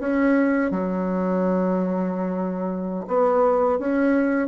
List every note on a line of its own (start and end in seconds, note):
0.00 0.71 C#4
0.71 3.06 F#3
3.08 3.79 B3
3.79 4.48 C#4